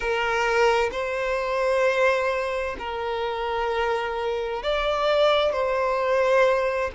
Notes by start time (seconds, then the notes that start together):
0.00 A#4
0.91 C5
2.79 A#4
4.62 D5
5.52 C5